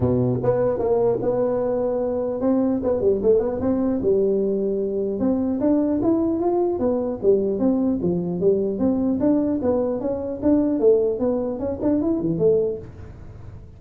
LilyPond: \new Staff \with { instrumentName = "tuba" } { \time 4/4 \tempo 4 = 150 b,4 b4 ais4 b4~ | b2 c'4 b8 g8 | a8 b8 c'4 g2~ | g4 c'4 d'4 e'4 |
f'4 b4 g4 c'4 | f4 g4 c'4 d'4 | b4 cis'4 d'4 a4 | b4 cis'8 d'8 e'8 e8 a4 | }